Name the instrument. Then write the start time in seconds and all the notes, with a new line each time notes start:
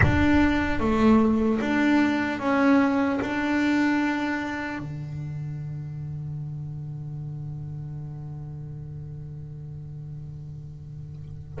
double bass
0.02 D4
0.79 A3
1.60 D4
2.39 C#4
3.21 D4
4.78 D3